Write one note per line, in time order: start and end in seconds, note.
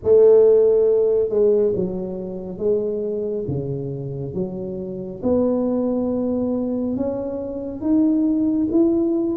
0.03 1.29 A3
1.29 1.72 G#3
1.75 2.57 F#3
2.57 3.44 G#3
3.47 4.34 C#3
4.34 5.21 F#3
5.23 6.96 B3
6.96 7.80 C#4
7.80 8.67 D#4
8.71 9.36 E4